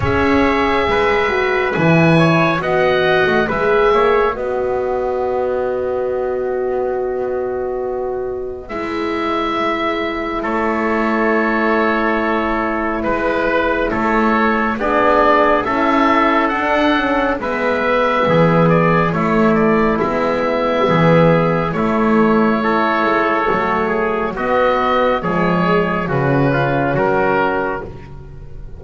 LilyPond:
<<
  \new Staff \with { instrumentName = "oboe" } { \time 4/4 \tempo 4 = 69 e''2 gis''4 fis''4 | e''4 dis''2.~ | dis''2 e''2 | cis''2. b'4 |
cis''4 d''4 e''4 fis''4 | e''4. d''8 cis''8 d''8 e''4~ | e''4 cis''2. | dis''4 cis''4 b'4 ais'4 | }
  \new Staff \with { instrumentName = "trumpet" } { \time 4/4 cis''4 b'4. cis''8 dis''4 | b'8 cis''8 b'2.~ | b'1 | a'2. b'4 |
a'4 gis'4 a'2 | b'4 gis'4 e'2 | gis'4 e'4 a'4. gis'8 | fis'4 gis'4 fis'8 f'8 fis'4 | }
  \new Staff \with { instrumentName = "horn" } { \time 4/4 gis'4. fis'8 e'4 fis'4 | gis'4 fis'2.~ | fis'2 e'2~ | e'1~ |
e'4 d'4 e'4 d'8 cis'8 | b2 a4 b4~ | b4 a4 e'4 a4 | b4 gis4 cis'2 | }
  \new Staff \with { instrumentName = "double bass" } { \time 4/4 cis'4 gis4 e4 b8. a16 | gis8 ais8 b2.~ | b2 gis2 | a2. gis4 |
a4 b4 cis'4 d'4 | gis4 e4 a4 gis4 | e4 a4. gis8 fis4 | b4 f4 cis4 fis4 | }
>>